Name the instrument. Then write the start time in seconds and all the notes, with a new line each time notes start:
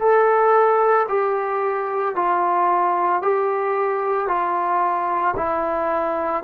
trombone
0.00 A4
1.09 G4
2.16 F4
3.22 G4
4.28 F4
5.37 E4